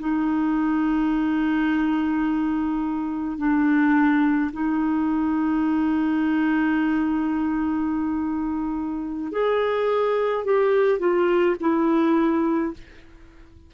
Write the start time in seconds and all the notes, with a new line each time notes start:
0.00 D#4
3.38 D4
4.53 D#4
9.32 G#4
10.45 G4
11.00 F4
11.61 E4